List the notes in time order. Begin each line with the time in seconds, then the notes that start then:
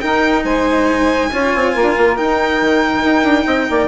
0.00 D#4 A#4 G5
0.44 G#3 C5 G#5
1.31 C#4 F4 C#5
1.55 C4
1.73 A#3 A#4
1.82 D4
1.97 A#3
2.16 D#4 G5
2.61 D#3
3.03 D#4
3.23 D4
3.45 C4 D#5
3.69 A#3 D5